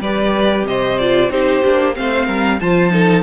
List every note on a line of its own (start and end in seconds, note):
0.00 0.65 G3
0.00 1.01 G4
0.00 0.67 B4
0.00 0.66 D5
0.66 1.30 C3
0.66 1.32 C5
0.66 0.99 D#5
0.99 1.30 F4
0.99 1.31 D5
1.30 1.62 C4
1.30 1.63 D#4
1.30 1.96 G4
1.30 1.95 C5
1.65 1.98 A#3
1.65 1.95 D4
1.95 2.28 A3
1.95 2.59 C4
1.95 2.27 C5
1.95 2.61 F5
2.27 2.60 G3
2.27 2.59 A#4
2.61 3.24 F3
2.61 2.91 F4
2.61 2.93 C5
2.61 3.24 A5
2.91 3.23 D#4
2.91 3.24 A4